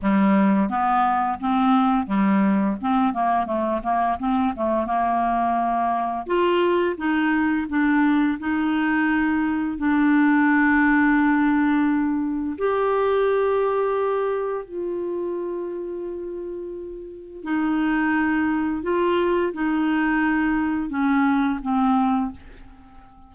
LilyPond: \new Staff \with { instrumentName = "clarinet" } { \time 4/4 \tempo 4 = 86 g4 b4 c'4 g4 | c'8 ais8 a8 ais8 c'8 a8 ais4~ | ais4 f'4 dis'4 d'4 | dis'2 d'2~ |
d'2 g'2~ | g'4 f'2.~ | f'4 dis'2 f'4 | dis'2 cis'4 c'4 | }